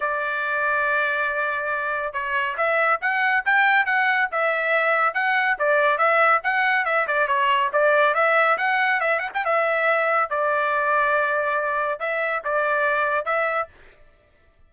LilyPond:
\new Staff \with { instrumentName = "trumpet" } { \time 4/4 \tempo 4 = 140 d''1~ | d''4 cis''4 e''4 fis''4 | g''4 fis''4 e''2 | fis''4 d''4 e''4 fis''4 |
e''8 d''8 cis''4 d''4 e''4 | fis''4 e''8 fis''16 g''16 e''2 | d''1 | e''4 d''2 e''4 | }